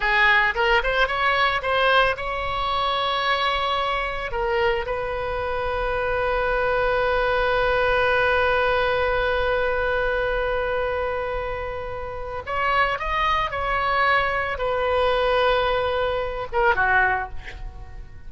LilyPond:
\new Staff \with { instrumentName = "oboe" } { \time 4/4 \tempo 4 = 111 gis'4 ais'8 c''8 cis''4 c''4 | cis''1 | ais'4 b'2.~ | b'1~ |
b'1~ | b'2. cis''4 | dis''4 cis''2 b'4~ | b'2~ b'8 ais'8 fis'4 | }